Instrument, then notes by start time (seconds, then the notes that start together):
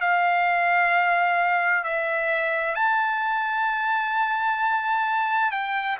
trumpet
0.00 F5
1.83 E5
2.75 A5
5.51 G5